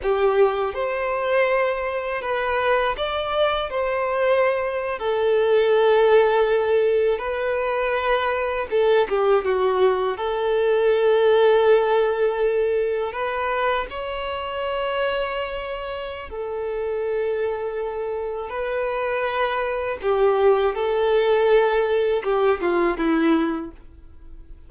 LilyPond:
\new Staff \with { instrumentName = "violin" } { \time 4/4 \tempo 4 = 81 g'4 c''2 b'4 | d''4 c''4.~ c''16 a'4~ a'16~ | a'4.~ a'16 b'2 a'16~ | a'16 g'8 fis'4 a'2~ a'16~ |
a'4.~ a'16 b'4 cis''4~ cis''16~ | cis''2 a'2~ | a'4 b'2 g'4 | a'2 g'8 f'8 e'4 | }